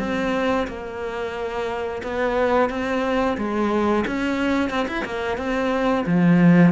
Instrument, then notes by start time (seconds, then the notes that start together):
cello
0.00 C4
0.68 A#3
2.03 B3
2.70 C4
3.38 G#3
4.07 C#4
4.70 C4
4.88 E4
5.06 A#3
5.38 C4
6.07 F3